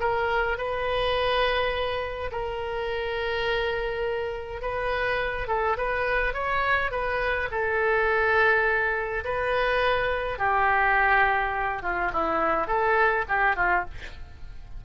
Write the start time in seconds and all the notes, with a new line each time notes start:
0.00 A#4
0.58 B4
2.32 A#4
4.62 B4
5.48 A4
5.77 B4
6.34 C#5
6.91 B4
7.51 A4
9.24 B4
10.38 G4
11.83 F4
12.13 E4
12.67 A4
13.28 G4
13.56 F4